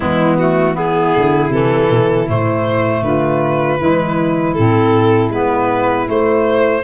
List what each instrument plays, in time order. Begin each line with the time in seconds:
0.00 tuba E3, clarinet G#3, saxophone B3, violin E4
0.38 clarinet A3, violin F#4
0.72 clarinet B3, saxophone E4, violin G#4
1.16 tuba D3
1.48 tuba C3, clarinet E3, violin A4
1.90 tuba B2
2.28 tuba A2, clarinet A3, violin C5
3.02 tuba D3, saxophone F4, violin B4
3.78 tuba E3, clarinet G#3, saxophone E4
4.53 tuba A2, clarinet C4, violin A4
5.29 tuba G#3, clarinet B3, violin B4
6.06 clarinet A3, tuba A3, violin C5